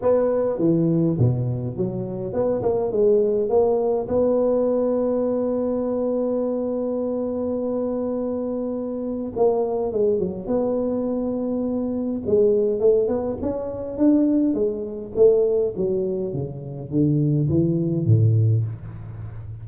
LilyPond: \new Staff \with { instrumentName = "tuba" } { \time 4/4 \tempo 4 = 103 b4 e4 b,4 fis4 | b8 ais8 gis4 ais4 b4~ | b1~ | b1 |
ais4 gis8 fis8 b2~ | b4 gis4 a8 b8 cis'4 | d'4 gis4 a4 fis4 | cis4 d4 e4 a,4 | }